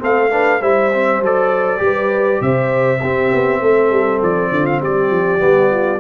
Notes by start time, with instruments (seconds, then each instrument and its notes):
0.00 tuba A3, trombone C4, horn A4, trumpet F5
0.30 trombone D4, horn B4
0.61 tuba G3, trombone E4, horn C5, trumpet E5
0.94 trombone C4
1.20 tuba F#3, trombone A4, trumpet D5
1.78 tuba G3, trombone G4, horn B4
2.42 tuba C3, horn C5, trumpet E5
3.01 tuba C4, trombone C4, horn G4
3.33 tuba B3
3.61 tuba A3, horn A4
3.91 tuba G3
4.23 tuba F3, trumpet D5
4.51 tuba D3, horn F4
4.66 trumpet F5
4.82 tuba G3, horn G4, trumpet D5
5.11 tuba F3
5.39 tuba G3, trombone B3
5.71 horn F4